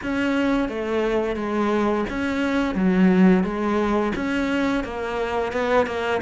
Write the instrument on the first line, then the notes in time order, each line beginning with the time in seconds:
cello
0.03 C#4
0.68 A3
1.36 G#3
2.09 C#4
2.74 F#3
3.43 G#3
4.15 C#4
4.83 A#3
5.52 B3
5.86 A#3